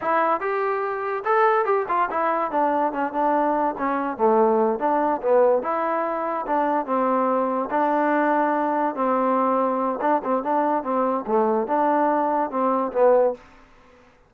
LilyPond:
\new Staff \with { instrumentName = "trombone" } { \time 4/4 \tempo 4 = 144 e'4 g'2 a'4 | g'8 f'8 e'4 d'4 cis'8 d'8~ | d'4 cis'4 a4. d'8~ | d'8 b4 e'2 d'8~ |
d'8 c'2 d'4.~ | d'4. c'2~ c'8 | d'8 c'8 d'4 c'4 a4 | d'2 c'4 b4 | }